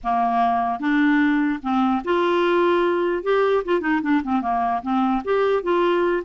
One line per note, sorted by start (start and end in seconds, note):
0.03 0.79 A#3
0.79 1.60 D4
1.62 2.02 C4
2.04 3.23 F4
3.23 3.63 G4
3.64 3.81 F4
3.81 4.01 D#4
4.01 4.22 D4
4.23 4.41 C4
4.41 4.82 A#3
4.82 5.22 C4
5.24 5.62 G4
5.62 6.23 F4